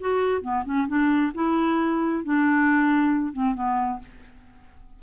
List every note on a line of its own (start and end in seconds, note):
0.00 0.41 F#4
0.41 0.64 B3
0.65 0.87 C#4
0.88 1.32 D4
1.34 2.24 E4
2.24 3.33 D4
3.33 3.55 C4
3.55 3.99 B3